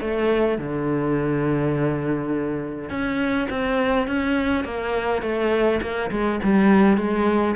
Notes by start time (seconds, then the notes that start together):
0.00 A3
0.58 D3
2.89 C#4
3.50 C4
4.07 C#4
4.64 A#3
5.22 A3
5.81 A#3
6.11 G#3
6.43 G3
6.97 G#3